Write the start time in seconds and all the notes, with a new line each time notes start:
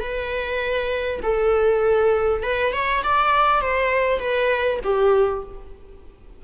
0.00 B4
1.23 A4
2.43 B4
2.73 C#5
3.03 D5
3.61 C5
4.19 B4
4.84 G4